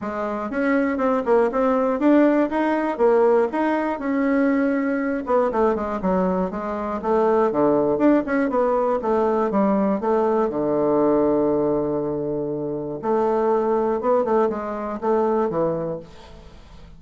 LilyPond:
\new Staff \with { instrumentName = "bassoon" } { \time 4/4 \tempo 4 = 120 gis4 cis'4 c'8 ais8 c'4 | d'4 dis'4 ais4 dis'4 | cis'2~ cis'8 b8 a8 gis8 | fis4 gis4 a4 d4 |
d'8 cis'8 b4 a4 g4 | a4 d2.~ | d2 a2 | b8 a8 gis4 a4 e4 | }